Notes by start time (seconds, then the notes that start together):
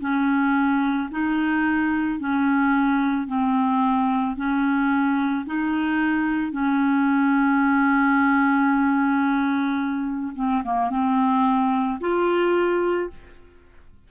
0.00 C#4
1.11 D#4
2.20 C#4
3.27 C4
4.36 C#4
5.45 D#4
6.52 C#4
10.35 C4
10.64 A#3
10.90 C4
12.00 F4